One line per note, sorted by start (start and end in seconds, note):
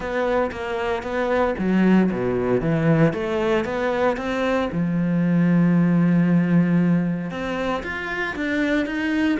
0.00 0.51 B3
0.51 1.02 A#3
1.02 1.54 B3
1.58 2.10 F#3
2.11 2.60 B2
2.60 3.13 E3
3.13 3.65 A3
3.65 4.16 B3
4.16 4.69 C4
4.71 7.30 F3
7.30 7.82 C4
7.83 8.35 F4
8.35 8.86 D4
8.86 9.38 D#4